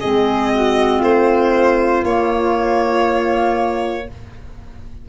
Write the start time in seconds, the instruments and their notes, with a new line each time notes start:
0.00 tuba G#3, clarinet C4, flute G#4, violin D#5
0.54 flute F#4
0.98 tuba A3, flute F4, violin C5
2.03 tuba A#3, clarinet A#3, violin C#5